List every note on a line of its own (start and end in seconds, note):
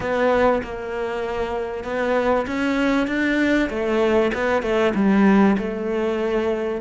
0.00 0.62 B3
0.63 1.84 A#3
1.84 2.45 B3
2.46 3.07 C#4
3.07 3.69 D4
3.69 4.31 A3
4.34 4.62 B3
4.62 4.93 A3
4.95 5.56 G3
5.58 6.81 A3